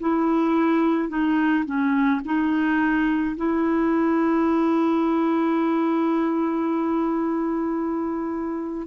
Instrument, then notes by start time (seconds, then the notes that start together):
clarinet
0.00 E4
1.09 D#4
1.65 C#4
2.25 D#4
3.36 E4